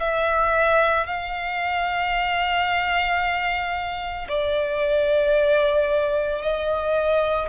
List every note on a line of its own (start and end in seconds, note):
0.00 1.06 E5
1.06 4.28 F5
4.28 6.42 D5
6.42 7.49 D#5